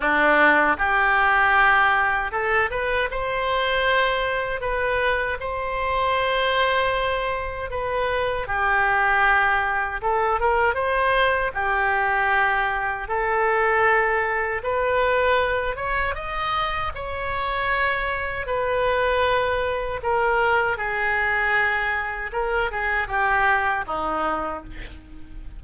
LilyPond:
\new Staff \with { instrumentName = "oboe" } { \time 4/4 \tempo 4 = 78 d'4 g'2 a'8 b'8 | c''2 b'4 c''4~ | c''2 b'4 g'4~ | g'4 a'8 ais'8 c''4 g'4~ |
g'4 a'2 b'4~ | b'8 cis''8 dis''4 cis''2 | b'2 ais'4 gis'4~ | gis'4 ais'8 gis'8 g'4 dis'4 | }